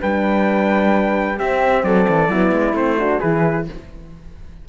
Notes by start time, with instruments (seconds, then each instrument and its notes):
0.00 cello G3, horn D4, flute B4, trumpet G5
1.36 horn C4, cello C4, flute G4, trumpet E5
1.83 cello F#3, flute A4, trumpet D5
2.08 cello E3
2.28 cello F#3, horn B3, flute E4
2.52 cello G#3
2.73 cello A3, horn C4, trumpet C5
2.98 horn D4, flute F#4
3.18 cello E3, horn E4, flute G#4, trumpet B4